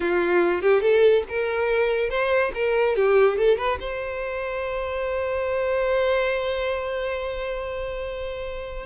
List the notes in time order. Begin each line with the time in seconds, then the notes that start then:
0.00 F4
0.61 G4
0.81 A4
1.28 A#4
2.09 C5
2.54 A#4
2.96 G4
3.37 A4
3.57 B4
3.80 C5